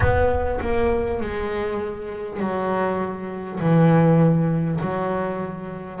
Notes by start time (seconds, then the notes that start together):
0.00 B3
0.61 A#3
1.20 G#3
2.39 F#3
3.59 E3
4.80 F#3